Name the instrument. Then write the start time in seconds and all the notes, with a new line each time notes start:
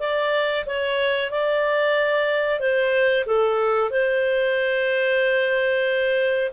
clarinet
0.00 D5
0.67 C#5
1.31 D5
2.60 C5
3.26 A4
3.91 C5